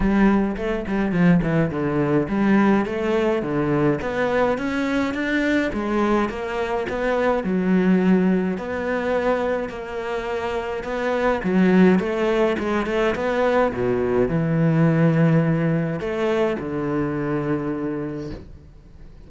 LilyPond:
\new Staff \with { instrumentName = "cello" } { \time 4/4 \tempo 4 = 105 g4 a8 g8 f8 e8 d4 | g4 a4 d4 b4 | cis'4 d'4 gis4 ais4 | b4 fis2 b4~ |
b4 ais2 b4 | fis4 a4 gis8 a8 b4 | b,4 e2. | a4 d2. | }